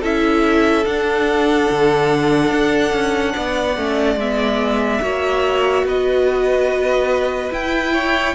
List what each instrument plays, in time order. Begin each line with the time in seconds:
0.00 cello C#4, viola E4, violin A4 E5
0.85 viola D4, cello D4, violin F#5
1.70 cello D3
2.51 cello D4
2.93 cello C#4
3.35 cello B3, violin D5
3.77 cello A3, viola C#4
4.16 cello G#3, viola B3, violin E5
5.02 cello A#3, viola F#4, violin C#5
5.83 cello B3, violin B4 D#5
7.51 viola E4, cello E4, violin G5
7.93 violin C#5